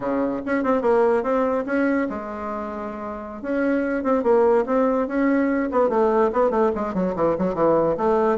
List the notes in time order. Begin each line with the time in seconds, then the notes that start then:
0.00 C#3
0.45 C#4
0.63 C4
0.81 A#3
1.23 C4
1.66 C#4
2.09 G#3
3.41 C#4
4.03 C4
4.23 A#3
4.66 C4
5.07 C#4
5.71 B3
5.89 A3
6.33 B3
6.50 A3
6.75 G#3
6.94 F#3
7.15 E3
7.38 F#3
7.54 E3
7.97 A3